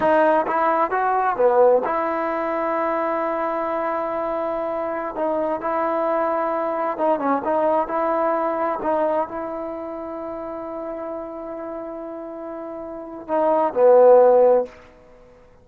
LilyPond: \new Staff \with { instrumentName = "trombone" } { \time 4/4 \tempo 4 = 131 dis'4 e'4 fis'4 b4 | e'1~ | e'2.~ e'16 dis'8.~ | dis'16 e'2. dis'8 cis'16~ |
cis'16 dis'4 e'2 dis'8.~ | dis'16 e'2.~ e'8.~ | e'1~ | e'4 dis'4 b2 | }